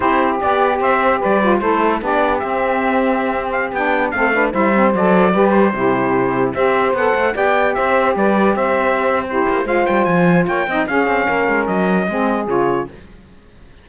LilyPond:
<<
  \new Staff \with { instrumentName = "trumpet" } { \time 4/4 \tempo 4 = 149 c''4 d''4 e''4 d''4 | c''4 d''4 e''2~ | e''8. f''8 g''4 f''4 e''8.~ | e''16 d''4. c''2~ c''16~ |
c''16 e''4 fis''4 g''4 e''8.~ | e''16 d''4 e''4.~ e''16 c''4 | f''8 g''8 gis''4 g''4 f''4~ | f''4 dis''2 cis''4 | }
  \new Staff \with { instrumentName = "saxophone" } { \time 4/4 g'2 c''4 b'4 | a'4 g'2.~ | g'2~ g'16 a'8 b'8 c''8.~ | c''4~ c''16 b'4 g'4.~ g'16~ |
g'16 c''2 d''4 c''8.~ | c''16 b'4 c''4.~ c''16 g'4 | c''2 cis''8 dis''8 gis'4 | ais'2 gis'2 | }
  \new Staff \with { instrumentName = "saxophone" } { \time 4/4 e'4 g'2~ g'8 f'8 | e'4 d'4 c'2~ | c'4~ c'16 d'4 c'8 d'8 e'8 c'16~ | c'16 a'4 g'4 e'4.~ e'16~ |
e'16 g'4 a'4 g'4.~ g'16~ | g'2. e'4 | f'2~ f'8 dis'8 cis'4~ | cis'2 c'4 f'4 | }
  \new Staff \with { instrumentName = "cello" } { \time 4/4 c'4 b4 c'4 g4 | a4 b4 c'2~ | c'4~ c'16 b4 a4 g8.~ | g16 fis4 g4 c4.~ c16~ |
c16 c'4 b8 a8 b4 c'8.~ | c'16 g4 c'2~ c'16 ais8 | gis8 g8 f4 ais8 c'8 cis'8 c'8 | ais8 gis8 fis4 gis4 cis4 | }
>>